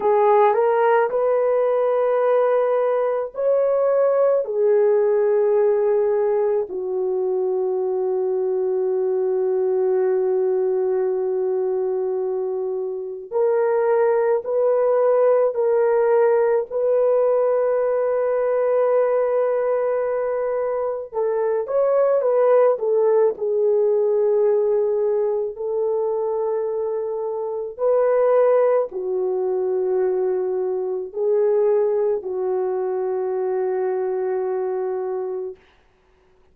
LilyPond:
\new Staff \with { instrumentName = "horn" } { \time 4/4 \tempo 4 = 54 gis'8 ais'8 b'2 cis''4 | gis'2 fis'2~ | fis'1 | ais'4 b'4 ais'4 b'4~ |
b'2. a'8 cis''8 | b'8 a'8 gis'2 a'4~ | a'4 b'4 fis'2 | gis'4 fis'2. | }